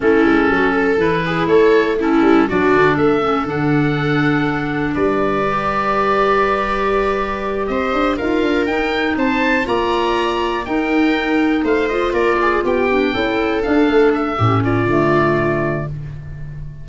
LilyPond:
<<
  \new Staff \with { instrumentName = "oboe" } { \time 4/4 \tempo 4 = 121 a'2 b'4 cis''4 | a'4 d''4 e''4 fis''4~ | fis''2 d''2~ | d''2.~ d''8 dis''8~ |
dis''8 f''4 g''4 a''4 ais''8~ | ais''4. g''2 f''8 | dis''8 d''4 g''2 f''8~ | f''8 e''4 d''2~ d''8 | }
  \new Staff \with { instrumentName = "viola" } { \time 4/4 e'4 fis'8 a'4 gis'8 a'4 | e'4 fis'4 a'2~ | a'2 b'2~ | b'2.~ b'8 c''8~ |
c''8 ais'2 c''4 d''8~ | d''4. ais'2 c''8~ | c''8 ais'8 gis'8 g'4 a'4.~ | a'4 g'8 f'2~ f'8 | }
  \new Staff \with { instrumentName = "clarinet" } { \time 4/4 cis'2 e'2 | cis'4 d'4. cis'8 d'4~ | d'2. g'4~ | g'1~ |
g'8 f'4 dis'2 f'8~ | f'4. dis'2~ dis'8 | f'2 d'8 e'4 d'8~ | d'4 cis'4 a2 | }
  \new Staff \with { instrumentName = "tuba" } { \time 4/4 a8 gis8 fis4 e4 a4~ | a8 g8 fis8 d8 a4 d4~ | d2 g2~ | g2.~ g8 c'8 |
d'8 dis'8 d'8 dis'4 c'4 ais8~ | ais4. dis'2 a8~ | a8 ais4 b4 cis'4 d'8 | a4 a,4 d2 | }
>>